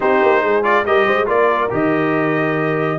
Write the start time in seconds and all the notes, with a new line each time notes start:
0.00 C4 D#4 G4 C5
0.22 A#3
0.41 G#3 G#4
0.62 F4 D5
0.85 G3 G4 A#4 D#5
1.06 G#3 C5
1.25 A#3 F4 A#4 D5
1.69 D#3 G4 D#5